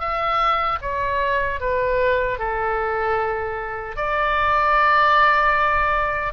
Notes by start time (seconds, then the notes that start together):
0.00 E5
0.82 C#5
1.60 B4
2.39 A4
3.96 D5